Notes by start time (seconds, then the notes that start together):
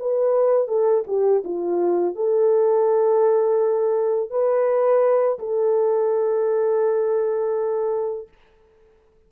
0.00 B4
0.68 A4
1.07 G4
1.44 F4
2.16 A4
4.30 B4
5.39 A4